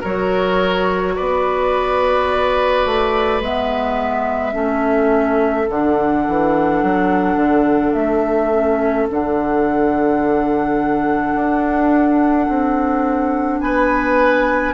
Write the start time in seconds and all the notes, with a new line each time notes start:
0.00 F#3 F#4 A#4 C#5
1.15 B3 B4 D5
2.85 A3
3.40 G#3 B3 E5
4.52 A3 C#4 A4
5.70 D3 D4 F#5
6.28 E3
6.83 F#3
7.36 D3
7.93 A3 E5
8.52 C#4
9.08 D3 D4 F#5
11.35 D4
12.48 C4
13.60 B3 B4 G#5